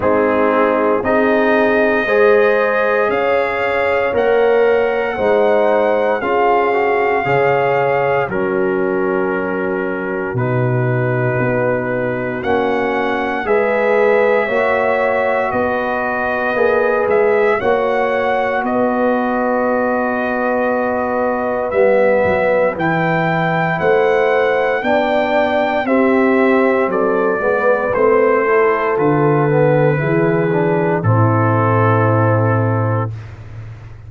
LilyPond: <<
  \new Staff \with { instrumentName = "trumpet" } { \time 4/4 \tempo 4 = 58 gis'4 dis''2 f''4 | fis''2 f''2 | ais'2 b'2 | fis''4 e''2 dis''4~ |
dis''8 e''8 fis''4 dis''2~ | dis''4 e''4 g''4 fis''4 | g''4 e''4 d''4 c''4 | b'2 a'2 | }
  \new Staff \with { instrumentName = "horn" } { \time 4/4 dis'4 gis'4 c''4 cis''4~ | cis''4 c''4 gis'4 cis''4 | fis'1~ | fis'4 b'4 cis''4 b'4~ |
b'4 cis''4 b'2~ | b'2. c''4 | d''4 g'4 a'8 b'4 a'8~ | a'4 gis'4 e'2 | }
  \new Staff \with { instrumentName = "trombone" } { \time 4/4 c'4 dis'4 gis'2 | ais'4 dis'4 f'8 fis'8 gis'4 | cis'2 dis'2 | cis'4 gis'4 fis'2 |
gis'4 fis'2.~ | fis'4 b4 e'2 | d'4 c'4. b8 c'8 e'8 | f'8 b8 e'8 d'8 c'2 | }
  \new Staff \with { instrumentName = "tuba" } { \time 4/4 gis4 c'4 gis4 cis'4 | ais4 gis4 cis'4 cis4 | fis2 b,4 b4 | ais4 gis4 ais4 b4 |
ais8 gis8 ais4 b2~ | b4 g8 fis8 e4 a4 | b4 c'4 fis8 gis8 a4 | d4 e4 a,2 | }
>>